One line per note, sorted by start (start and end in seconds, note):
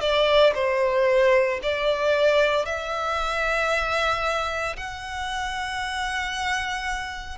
0.00 0.53 D5
0.55 1.60 C5
1.62 2.66 D5
2.66 4.76 E5
4.76 7.37 F#5